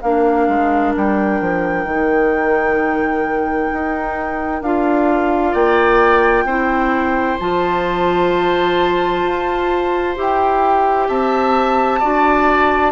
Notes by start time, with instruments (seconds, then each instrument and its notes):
0.00 bassoon A#3, clarinet D4, oboe A#4, flute F5
0.48 bassoon G#3
0.96 bassoon G3, flute G5
1.41 bassoon F3
1.84 bassoon D#3, clarinet D#4
3.72 bassoon D#4
4.61 bassoon D4, clarinet F4, flute F5
5.51 bassoon A#3, oboe D5, flute G5
6.44 bassoon C4, clarinet E4, oboe C5
7.39 bassoon F3, clarinet F4, flute A5
9.23 bassoon F4
10.16 bassoon E4, clarinet G4, flute G5
11.08 bassoon C4, oboe E5, flute A5
11.99 bassoon D4, clarinet F#4, oboe D5